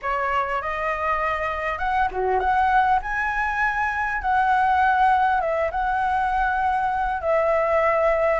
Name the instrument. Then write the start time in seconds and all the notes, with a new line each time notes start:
flute
0.02 C#5
0.61 D#5
1.78 F#5
2.11 F#4
2.39 F#5
3.02 G#5
4.21 F#5
5.40 E5
5.71 F#5
7.21 E5